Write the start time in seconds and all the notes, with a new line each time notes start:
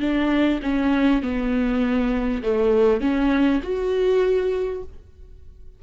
0.00 D4
0.62 C#4
1.22 B3
2.42 A3
3.01 C#4
3.62 F#4